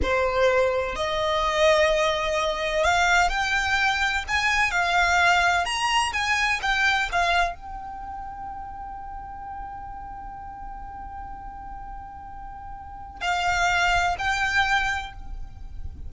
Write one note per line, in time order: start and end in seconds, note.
0.02 0.95 C5
0.95 2.83 D#5
2.83 3.29 F5
3.29 4.23 G5
4.28 4.71 G#5
4.71 5.65 F5
5.65 6.12 A#5
6.12 6.60 G#5
6.62 7.09 G5
7.12 7.55 F5
7.55 13.21 G5
13.21 14.15 F5
14.18 15.12 G5